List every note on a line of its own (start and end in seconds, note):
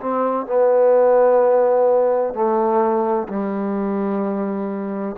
0.00 0.46 C4
0.46 2.34 B3
2.34 3.28 A3
3.29 5.16 G3